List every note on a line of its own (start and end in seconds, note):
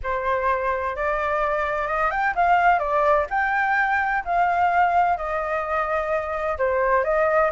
0.03 0.95 C5
0.95 1.87 D5
1.87 2.10 D#5
2.10 2.34 G5
2.35 2.79 F5
2.79 3.26 D5
3.30 4.23 G5
4.24 5.17 F5
5.17 6.57 D#5
6.58 7.03 C5
7.03 7.50 D#5